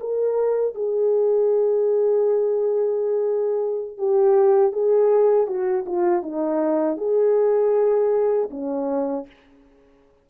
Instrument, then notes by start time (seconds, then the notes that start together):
horn
0.00 A#4
0.75 G#4
3.97 G4
4.72 G#4
5.47 F#4
5.86 F4
6.22 D#4
6.97 G#4
8.50 C#4